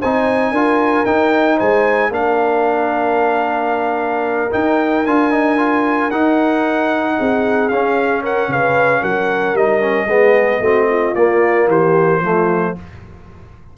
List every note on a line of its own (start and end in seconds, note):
0.00 0.51 C4
0.00 0.55 D#4
0.00 0.52 C5
0.00 1.05 G#5
0.51 1.04 D4
0.51 1.06 F4
0.51 1.57 A#4
1.05 1.59 D#4
1.05 2.11 D#4
1.05 1.58 G5
1.57 2.10 G#3
1.57 2.10 C5
1.57 2.12 G#5
2.10 4.49 A#3
2.10 4.50 D4
2.10 7.15 A#4
2.10 4.52 F5
4.51 5.04 D#4
4.51 5.06 D#4
4.51 5.06 G5
5.06 6.11 D4
5.06 5.31 F4
5.06 6.10 G#5
5.31 5.57 D#4
5.57 6.10 F4
6.10 7.17 D#4
6.10 7.71 D#4
6.10 7.69 F#5
7.18 7.70 C4
7.18 8.23 G#4
7.69 8.48 C#4
7.69 9.58 C#4
7.69 8.22 F5
8.23 8.50 A#4
8.23 8.52 F#5
8.48 9.01 C#3
8.48 9.01 B4
8.48 9.03 F5
9.01 9.53 F#3
9.01 10.07 A#4
9.01 9.56 F#5
9.53 10.06 G3
9.53 9.80 D#4
9.53 11.15 D#5
9.80 10.07 C#4
10.06 10.60 G#3
10.06 10.62 B3
10.06 10.61 G#4
10.60 11.13 A3
10.60 11.15 C4
10.60 10.88 F#4
10.89 11.69 F4
11.15 11.67 A#3
11.15 12.23 A#3
11.15 11.68 D5
11.67 12.20 E3
11.67 12.22 G4
11.67 12.77 C5
12.21 12.74 F3
12.21 12.76 A3
12.21 12.75 F4